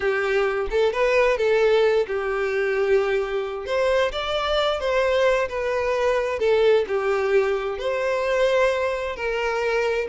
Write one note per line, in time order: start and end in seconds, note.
0.00 0.67 G4
0.70 0.92 A4
0.92 1.37 B4
1.37 2.06 A4
2.07 3.66 G4
3.66 4.11 C5
4.12 4.79 D5
4.79 5.48 C5
5.48 6.39 B4
6.39 6.85 A4
6.87 7.78 G4
7.78 9.16 C5
9.16 10.07 A#4